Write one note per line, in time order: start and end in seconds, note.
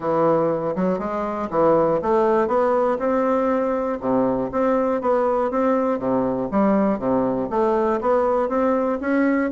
0.00 0.75 E3
0.75 0.98 F#3
0.98 1.48 G#3
1.50 2.00 E3
2.02 2.47 A3
2.47 2.97 B3
2.98 3.98 C4
4.00 4.50 C3
4.51 5.01 C4
5.01 5.50 B3
5.50 5.99 C4
5.99 6.49 C3
6.51 6.98 G3
6.98 7.48 C3
7.50 8.00 A3
8.00 8.48 B3
8.48 8.98 C4
9.00 9.50 C#4